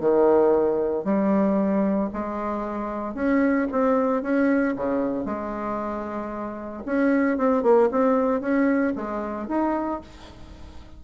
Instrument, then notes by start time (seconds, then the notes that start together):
bassoon
0.00 D#3
1.04 G3
2.13 G#3
3.15 C#4
3.72 C4
4.22 C#4
4.76 C#3
5.26 G#3
6.86 C#4
7.38 C4
7.63 A#3
7.91 C4
8.41 C#4
8.96 G#3
9.48 D#4